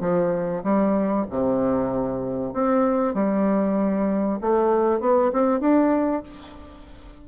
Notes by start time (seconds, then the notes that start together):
0.00 F3
0.63 G3
1.30 C3
2.53 C4
3.14 G3
4.41 A3
5.00 B3
5.32 C4
5.60 D4